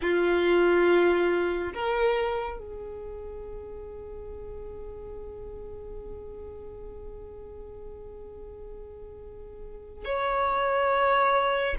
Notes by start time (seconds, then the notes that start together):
0.01 F4
1.73 A#4
2.58 G#4
10.04 C#5